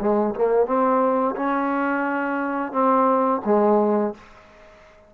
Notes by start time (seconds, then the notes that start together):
0.00 G#3
0.35 A#3
0.66 C4
1.36 C#4
2.72 C4
3.45 G#3